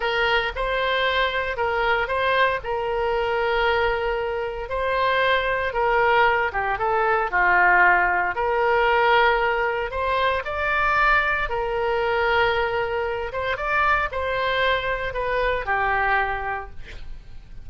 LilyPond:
\new Staff \with { instrumentName = "oboe" } { \time 4/4 \tempo 4 = 115 ais'4 c''2 ais'4 | c''4 ais'2.~ | ais'4 c''2 ais'4~ | ais'8 g'8 a'4 f'2 |
ais'2. c''4 | d''2 ais'2~ | ais'4. c''8 d''4 c''4~ | c''4 b'4 g'2 | }